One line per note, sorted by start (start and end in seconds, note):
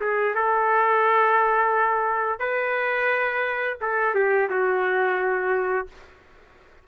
0.00 0.34 G#4
0.34 2.39 A4
2.39 3.77 B4
3.81 4.14 A4
4.14 4.49 G4
4.49 5.87 F#4